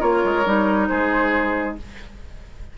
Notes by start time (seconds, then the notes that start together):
0.00 A#3 F4 A#4 C#5
0.24 G#3
0.46 G3 D#4
0.88 G#3 G#4 C5